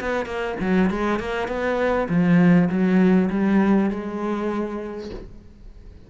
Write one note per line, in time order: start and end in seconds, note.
0.00 0.26 B3
0.26 0.56 A#3
0.60 0.90 F#3
0.90 1.19 G#3
1.19 1.48 A#3
1.48 2.08 B3
2.09 2.69 F3
2.69 3.29 F#3
3.30 3.90 G3
3.90 5.10 G#3